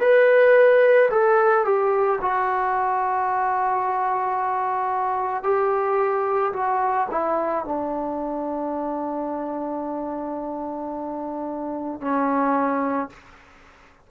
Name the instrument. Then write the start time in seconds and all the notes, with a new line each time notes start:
trombone
0.00 B4
1.10 A4
1.65 G4
2.21 F#4
5.43 G4
6.53 F#4
7.11 E4
7.65 D4
12.00 C#4